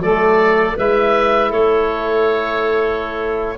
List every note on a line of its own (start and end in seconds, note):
0.00 0.75 F#3
0.00 0.78 A3
0.00 0.77 A4
0.00 0.78 D5
0.77 1.52 G#3
0.77 3.58 E4
0.77 1.50 B4
0.77 1.53 E5
1.50 3.58 A3
1.50 3.56 A4
1.50 3.58 C#5